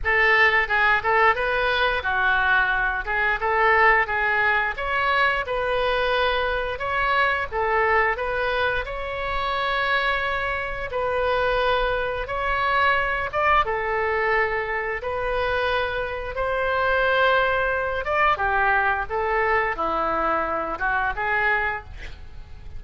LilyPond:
\new Staff \with { instrumentName = "oboe" } { \time 4/4 \tempo 4 = 88 a'4 gis'8 a'8 b'4 fis'4~ | fis'8 gis'8 a'4 gis'4 cis''4 | b'2 cis''4 a'4 | b'4 cis''2. |
b'2 cis''4. d''8 | a'2 b'2 | c''2~ c''8 d''8 g'4 | a'4 e'4. fis'8 gis'4 | }